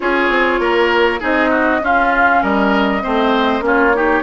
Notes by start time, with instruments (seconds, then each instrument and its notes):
0.00 bassoon C#4, clarinet F4, oboe G#4, flute C#5
0.29 bassoon C4
0.59 bassoon A#3, oboe A#4
1.19 bassoon C4, clarinet D#4, oboe G#4, flute D#5
1.50 oboe F#4
1.81 bassoon C#4, clarinet C#4, oboe F4, flute F5
2.42 bassoon G3, oboe A#4, flute D#5
3.02 bassoon A3, clarinet C4, oboe C5
3.60 bassoon A#3, clarinet C#4, oboe F4, flute C#5
3.94 clarinet D#4, oboe G4